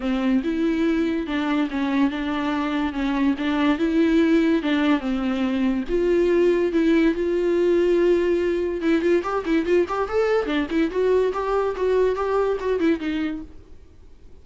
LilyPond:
\new Staff \with { instrumentName = "viola" } { \time 4/4 \tempo 4 = 143 c'4 e'2 d'4 | cis'4 d'2 cis'4 | d'4 e'2 d'4 | c'2 f'2 |
e'4 f'2.~ | f'4 e'8 f'8 g'8 e'8 f'8 g'8 | a'4 d'8 e'8 fis'4 g'4 | fis'4 g'4 fis'8 e'8 dis'4 | }